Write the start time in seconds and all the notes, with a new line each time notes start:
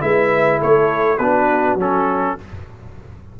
0.00 G#3 E4 B4 E5
0.59 A3 A4 C#5
1.18 B3 D4 F#4 B4
1.75 F#3 C#4 A4